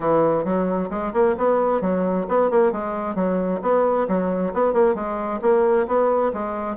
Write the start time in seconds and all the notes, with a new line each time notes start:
0.00 E3
0.44 F#3
0.90 G#3
1.13 A#3
1.37 B3
1.81 F#3
2.28 B3
2.50 A#3
2.72 G#3
3.15 F#3
3.62 B3
4.08 F#3
4.53 B3
4.73 A#3
4.94 G#3
5.41 A#3
5.87 B3
6.33 G#3